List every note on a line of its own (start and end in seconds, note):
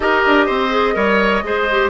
0.00 0.24 D#4
0.00 0.70 G4
0.00 0.46 A#4
0.00 1.89 D#5
0.26 0.49 D4
0.46 0.95 C4
0.46 0.94 C5
0.70 0.93 G#4
0.93 1.43 G3
0.93 1.41 A#4
0.93 1.44 C#5
1.43 1.89 G#3
1.43 1.68 G#4
1.43 1.89 C5
1.71 1.89 G4